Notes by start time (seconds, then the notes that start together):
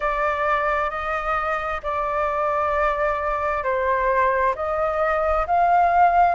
0.00 D5
0.90 D#5
1.82 D5
3.63 C5
4.55 D#5
5.46 F5